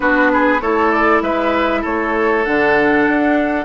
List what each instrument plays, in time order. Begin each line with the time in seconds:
0.00 bassoon B3, clarinet D4, oboe F#4, flute B4
0.32 oboe G#4
0.61 bassoon A3, clarinet E4, oboe A4, flute C#5
0.91 flute D5
1.22 bassoon G#3, oboe B4, flute E5
1.81 bassoon A3, oboe A4, flute C#5
2.44 bassoon D3, clarinet D4, flute F#5
3.08 bassoon D4